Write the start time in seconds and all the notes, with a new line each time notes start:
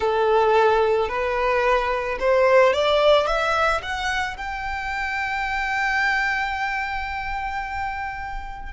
0.00 A4
1.08 B4
2.19 C5
2.73 D5
3.26 E5
3.82 F#5
4.37 G5